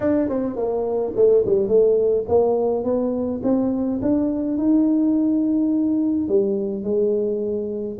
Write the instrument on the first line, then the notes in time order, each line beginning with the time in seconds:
tuba
0.00 D4
0.29 C4
0.56 A#3
1.16 A3
1.45 G3
1.68 A3
2.28 A#3
2.84 B3
3.43 C4
4.02 D4
4.57 D#4
6.28 G3
6.83 G#3